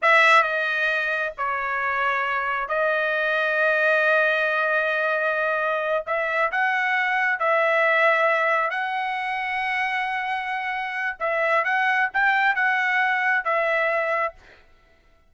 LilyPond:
\new Staff \with { instrumentName = "trumpet" } { \time 4/4 \tempo 4 = 134 e''4 dis''2 cis''4~ | cis''2 dis''2~ | dis''1~ | dis''4. e''4 fis''4.~ |
fis''8 e''2. fis''8~ | fis''1~ | fis''4 e''4 fis''4 g''4 | fis''2 e''2 | }